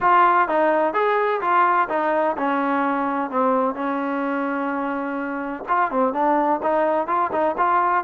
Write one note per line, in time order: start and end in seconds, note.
0.01 0.48 F4
0.48 0.93 D#4
0.93 1.40 G#4
1.41 1.88 F4
1.89 2.36 D#4
2.37 3.30 C#4
3.30 3.74 C4
3.74 5.63 C#4
5.68 5.91 F4
5.91 6.13 C4
6.13 6.60 D4
6.62 7.07 D#4
7.07 7.30 F4
7.31 7.55 D#4
7.57 8.04 F4